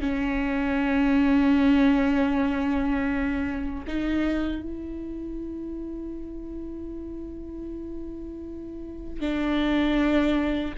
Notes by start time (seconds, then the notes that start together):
0.00 C#4
3.87 D#4
4.62 E4
9.20 D4